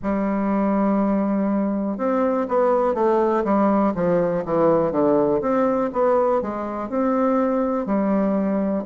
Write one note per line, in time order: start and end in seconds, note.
0.02 1.97 G3
1.97 2.46 C4
2.48 2.94 B3
2.94 3.43 A3
3.44 3.93 G3
3.94 4.44 F3
4.45 4.91 E3
4.91 5.41 D3
5.41 5.90 C4
5.92 6.41 B3
6.41 6.89 G#3
6.89 7.86 C4
7.86 8.84 G3